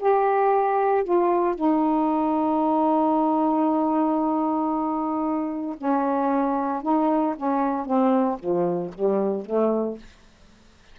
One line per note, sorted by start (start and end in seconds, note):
0.00 1.04 G4
1.04 1.56 F4
1.56 5.77 D#4
5.78 6.83 C#4
6.83 7.35 D#4
7.37 7.86 C#4
7.86 8.39 C4
8.39 8.92 F3
8.94 9.46 G3
9.46 9.99 A3